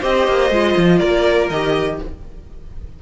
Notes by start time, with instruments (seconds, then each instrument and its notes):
0.00 cello C4, viola G4, violin C5 D#5
0.27 cello A#3
0.50 cello G#3, viola F4
0.77 cello F3
0.98 cello A#3, violin A#4 D5
1.50 cello D#3, viola G4, violin D#5